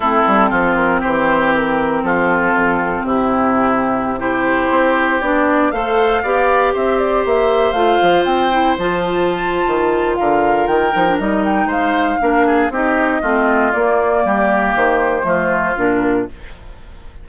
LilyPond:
<<
  \new Staff \with { instrumentName = "flute" } { \time 4/4 \tempo 4 = 118 a'4. ais'8 c''4 ais'4 | a'2 g'2~ | g'16 c''2 d''4 f''8.~ | f''4~ f''16 e''8 d''8 e''4 f''8.~ |
f''16 g''4 a''2~ a''8. | f''4 g''4 dis''8 g''8 f''4~ | f''4 dis''2 d''4~ | d''4 c''2 ais'4 | }
  \new Staff \with { instrumentName = "oboe" } { \time 4/4 e'4 f'4 g'2 | f'2 e'2~ | e'16 g'2. c''8.~ | c''16 d''4 c''2~ c''8.~ |
c''1 | ais'2. c''4 | ais'8 gis'8 g'4 f'2 | g'2 f'2 | }
  \new Staff \with { instrumentName = "clarinet" } { \time 4/4 c'1~ | c'1~ | c'16 e'2 d'4 a'8.~ | a'16 g'2. f'8.~ |
f'8. e'8 f'2~ f'8.~ | f'4. dis'16 d'16 dis'2 | d'4 dis'4 c'4 ais4~ | ais2 a4 d'4 | }
  \new Staff \with { instrumentName = "bassoon" } { \time 4/4 a8 g8 f4 e2 | f4 f,4 c2~ | c4~ c16 c'4 b4 a8.~ | a16 b4 c'4 ais4 a8 f16~ |
f16 c'4 f4.~ f16 dis4 | d4 dis8 f8 g4 gis4 | ais4 c'4 a4 ais4 | g4 dis4 f4 ais,4 | }
>>